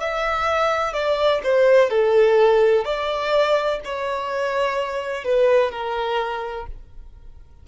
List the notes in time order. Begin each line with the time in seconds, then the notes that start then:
0.00 E5
0.94 D5
1.44 C5
1.90 A4
2.85 D5
3.85 C#5
5.25 B4
5.71 A#4